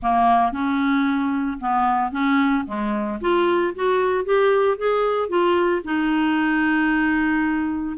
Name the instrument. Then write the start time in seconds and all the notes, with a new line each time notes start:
clarinet
0.02 A#3
0.52 C#4
1.60 B3
2.11 C#4
2.66 G#3
3.21 F4
3.75 F#4
4.24 G4
4.77 G#4
5.29 F4
5.84 D#4